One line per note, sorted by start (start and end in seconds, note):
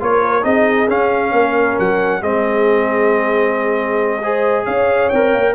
0.00 0.44 A#3
0.00 0.42 F4
0.00 0.44 A#4
0.00 0.44 C#5
0.42 0.88 C4
0.42 0.87 D#4
0.42 1.33 G#4
0.42 0.88 D#5
0.88 1.32 C#4
0.88 2.22 C#4
0.88 1.79 F5
1.32 1.77 A#3
1.32 2.22 A#4
1.79 2.22 F#3
1.79 2.22 F#5
2.22 4.66 G#3
2.22 4.22 C4
2.22 4.22 G#4
2.22 4.66 D#5
4.22 5.12 G#4
4.22 4.64 C5
4.64 5.12 C#4
4.64 5.53 C#5
4.64 5.09 F5
5.09 5.34 C4
5.09 5.55 A#4
5.09 5.54 G5
5.34 5.55 A#3